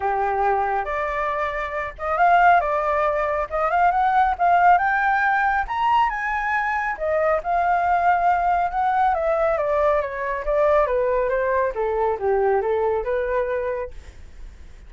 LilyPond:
\new Staff \with { instrumentName = "flute" } { \time 4/4 \tempo 4 = 138 g'2 d''2~ | d''8 dis''8 f''4 d''2 | dis''8 f''8 fis''4 f''4 g''4~ | g''4 ais''4 gis''2 |
dis''4 f''2. | fis''4 e''4 d''4 cis''4 | d''4 b'4 c''4 a'4 | g'4 a'4 b'2 | }